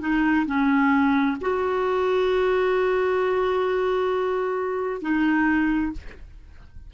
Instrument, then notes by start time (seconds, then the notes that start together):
clarinet
0.00 D#4
0.46 C#4
1.40 F#4
5.01 D#4